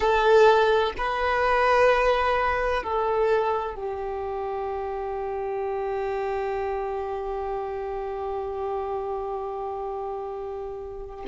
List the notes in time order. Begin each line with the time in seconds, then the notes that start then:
0.00 A4
0.97 B4
2.83 A4
3.75 G4